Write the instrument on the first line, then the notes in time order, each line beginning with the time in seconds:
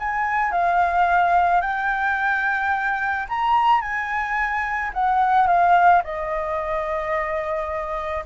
flute
0.00 G#5
0.52 F5
1.62 G5
3.29 A#5
3.81 G#5
4.94 F#5
5.47 F5
6.04 D#5